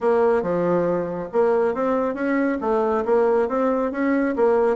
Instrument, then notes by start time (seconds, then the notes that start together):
bassoon
0.01 A#3
0.42 F3
1.32 A#3
1.74 C4
2.14 C#4
2.60 A3
3.05 A#3
3.48 C4
3.91 C#4
4.36 A#3